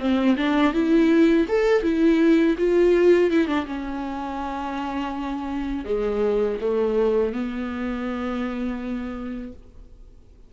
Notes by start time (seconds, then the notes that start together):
0.00 C4
0.37 D4
0.74 E4
1.49 A4
1.83 E4
2.58 F4
3.31 E4
3.48 D4
3.66 C#4
5.85 G#3
6.61 A3
7.33 B3